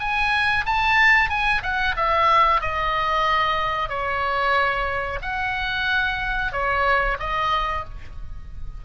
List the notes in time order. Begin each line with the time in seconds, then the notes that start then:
0.00 G#5
0.66 A5
1.30 G#5
1.63 F#5
1.97 E5
2.61 D#5
3.89 C#5
5.22 F#5
6.52 C#5
7.19 D#5